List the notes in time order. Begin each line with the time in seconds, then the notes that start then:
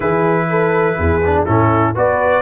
0.00 E3 E4 G#4 B4
0.49 A4
0.97 E2 G#4
1.25 D4
1.45 A2 C#4 E4 A4
1.94 B3 F#4 B4 D5